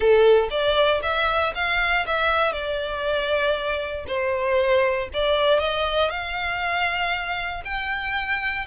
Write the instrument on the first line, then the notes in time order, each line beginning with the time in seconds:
violin
0.00 A4
0.50 D5
1.02 E5
1.54 F5
2.06 E5
2.52 D5
4.07 C5
5.13 D5
5.59 D#5
6.10 F5
7.64 G5